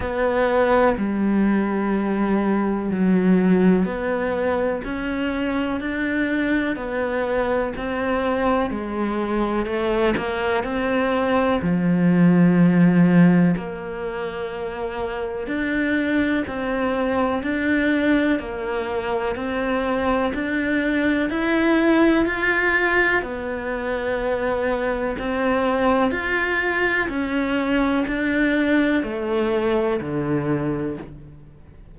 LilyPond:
\new Staff \with { instrumentName = "cello" } { \time 4/4 \tempo 4 = 62 b4 g2 fis4 | b4 cis'4 d'4 b4 | c'4 gis4 a8 ais8 c'4 | f2 ais2 |
d'4 c'4 d'4 ais4 | c'4 d'4 e'4 f'4 | b2 c'4 f'4 | cis'4 d'4 a4 d4 | }